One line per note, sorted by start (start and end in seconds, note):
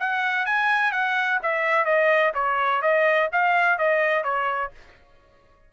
0.00 0.46 F#5
0.46 0.92 G#5
0.92 1.40 F#5
1.43 1.85 E5
1.85 2.33 D#5
2.34 2.82 C#5
2.82 3.29 D#5
3.32 3.78 F5
3.78 4.24 D#5
4.24 4.71 C#5